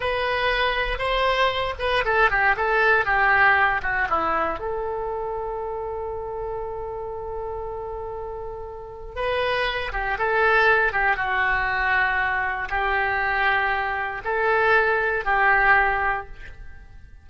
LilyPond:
\new Staff \with { instrumentName = "oboe" } { \time 4/4 \tempo 4 = 118 b'2 c''4. b'8 | a'8 g'8 a'4 g'4. fis'8 | e'4 a'2.~ | a'1~ |
a'2 b'4. g'8 | a'4. g'8 fis'2~ | fis'4 g'2. | a'2 g'2 | }